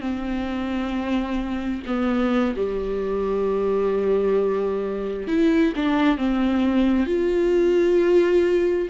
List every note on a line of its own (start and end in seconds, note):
0.00 1.82 C4
1.86 2.55 B3
2.56 5.27 G3
5.27 5.73 E4
5.76 6.17 D4
6.17 7.06 C4
7.06 8.88 F4